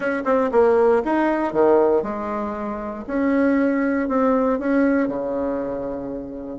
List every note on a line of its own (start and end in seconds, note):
0.00 0.23 C#4
0.24 0.50 C4
0.51 1.02 A#3
1.04 1.52 D#4
1.52 2.02 D#3
2.02 3.04 G#3
3.07 4.08 C#4
4.08 4.59 C4
4.59 5.08 C#4
5.08 6.58 C#3